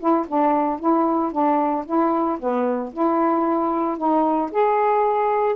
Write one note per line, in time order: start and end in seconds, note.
0.00 0.27 E4
0.28 0.80 D4
0.80 1.32 E4
1.32 1.85 D4
1.86 2.39 E4
2.40 2.93 B3
2.94 3.98 E4
3.98 4.51 D#4
4.52 5.56 G#4